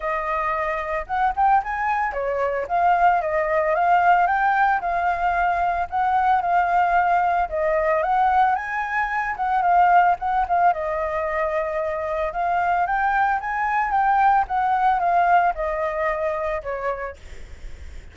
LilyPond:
\new Staff \with { instrumentName = "flute" } { \time 4/4 \tempo 4 = 112 dis''2 fis''8 g''8 gis''4 | cis''4 f''4 dis''4 f''4 | g''4 f''2 fis''4 | f''2 dis''4 fis''4 |
gis''4. fis''8 f''4 fis''8 f''8 | dis''2. f''4 | g''4 gis''4 g''4 fis''4 | f''4 dis''2 cis''4 | }